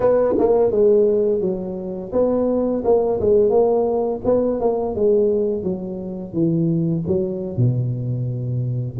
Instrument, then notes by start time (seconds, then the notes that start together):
tuba
0.00 B3
0.38 A#3
0.71 G#3
1.41 F#3
2.12 B3
2.84 A#3
3.20 G#3
3.49 A#3
4.24 B3
4.60 A#3
4.95 G#3
5.63 F#3
6.33 E3
7.07 F#3
7.57 B2